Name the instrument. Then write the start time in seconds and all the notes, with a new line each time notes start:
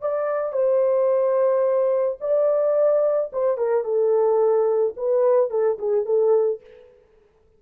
horn
0.00 D5
0.52 C5
2.20 D5
3.32 C5
3.57 A#4
3.84 A4
4.96 B4
5.50 A4
5.78 G#4
6.05 A4